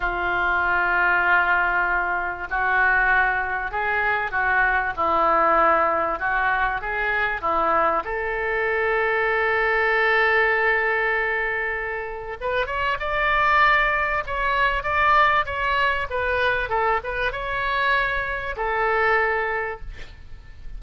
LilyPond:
\new Staff \with { instrumentName = "oboe" } { \time 4/4 \tempo 4 = 97 f'1 | fis'2 gis'4 fis'4 | e'2 fis'4 gis'4 | e'4 a'2.~ |
a'1 | b'8 cis''8 d''2 cis''4 | d''4 cis''4 b'4 a'8 b'8 | cis''2 a'2 | }